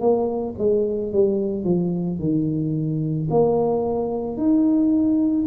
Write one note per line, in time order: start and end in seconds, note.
0.00 0.55 A#3
0.58 1.13 G#3
1.13 1.64 G3
1.64 2.19 F3
2.19 3.28 D#3
3.30 4.37 A#3
4.37 5.46 D#4